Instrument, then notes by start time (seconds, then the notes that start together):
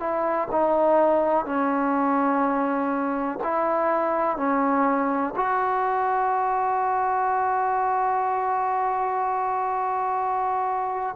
trombone
0.00 E4
0.52 D#4
1.46 C#4
3.44 E4
4.37 C#4
5.36 F#4